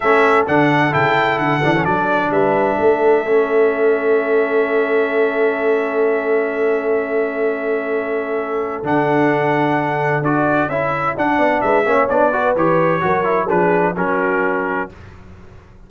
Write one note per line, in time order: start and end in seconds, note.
0.00 0.47 A3
0.00 0.47 C#4
0.00 2.29 A4
0.00 0.45 E5
0.47 0.94 D3
0.47 0.91 D4
0.47 0.93 F#5
0.91 1.38 C#3
0.91 1.61 E4
0.91 1.38 G5
1.38 1.61 D3
1.38 1.84 F#5
1.63 1.85 E3
1.63 1.75 D4
1.75 1.85 C#4
1.84 2.30 F#3
1.84 3.25 D4
1.84 2.31 D5
2.30 2.76 G3
2.30 2.79 B4
2.30 8.83 E5
2.78 8.83 A3
2.78 11.37 A4
3.25 8.83 C#4
8.83 10.21 D3
8.83 10.23 D4
8.83 10.23 F#5
10.21 10.67 D4
10.21 10.70 F#4
10.21 10.69 D5
10.68 11.15 C#4
10.68 11.17 E4
10.68 11.15 E5
11.16 11.38 D4
11.16 11.84 D4
11.16 11.61 F#5
11.37 11.61 B3
11.37 11.61 D5
11.61 11.85 G#3
11.61 11.85 B4
11.61 12.07 E5
11.84 12.08 A#3
11.84 12.08 C#4
11.84 12.32 C#5
12.09 12.55 B3
12.09 12.32 D4
12.09 12.55 D5
12.32 12.55 F#4
12.32 13.02 B4
12.55 13.02 E3
12.55 13.01 G4
12.55 13.48 C#5
13.01 13.49 F#3
13.01 13.24 F#4
13.01 13.48 A#4
13.24 13.47 E4
13.48 13.96 F3
13.48 13.95 D4
13.48 13.94 G#4
13.48 13.95 B4
13.96 14.89 F#3
13.96 14.89 C#4
13.96 14.89 F#4
13.96 14.90 A#4